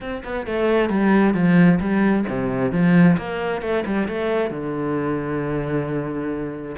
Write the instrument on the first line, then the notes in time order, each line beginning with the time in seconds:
cello
0.00 C4
0.24 B3
0.46 A3
0.89 G3
1.33 F3
1.79 G3
2.28 C3
2.71 F3
3.17 A#3
3.61 A3
3.85 G3
4.08 A3
4.50 D3